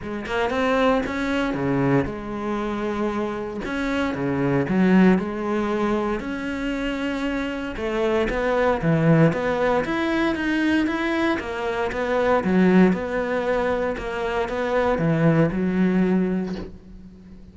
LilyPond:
\new Staff \with { instrumentName = "cello" } { \time 4/4 \tempo 4 = 116 gis8 ais8 c'4 cis'4 cis4 | gis2. cis'4 | cis4 fis4 gis2 | cis'2. a4 |
b4 e4 b4 e'4 | dis'4 e'4 ais4 b4 | fis4 b2 ais4 | b4 e4 fis2 | }